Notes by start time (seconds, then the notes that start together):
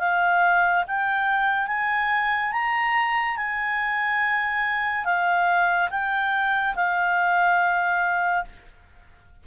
0.00 F5
0.88 G5
1.68 G#5
2.53 A#5
3.37 G#5
5.05 F5
5.91 G5
6.76 F5